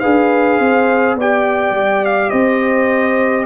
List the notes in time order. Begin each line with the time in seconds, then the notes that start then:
0.00 D4 G#4 B4 F5
0.58 C4 C5
1.16 B3 G4 D5 G5
1.71 G3
2.06 F5
2.30 C4 C5 D#5